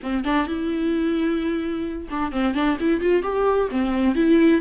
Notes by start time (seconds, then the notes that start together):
0.02 C4
0.24 D4
0.47 E4
2.10 D4
2.31 C4
2.54 D4
2.79 E4
3.00 F4
3.22 G4
3.70 C4
4.15 E4